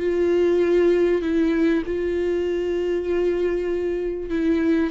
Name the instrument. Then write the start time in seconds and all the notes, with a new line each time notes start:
viola
0.00 F4
1.22 E4
1.86 F4
4.30 E4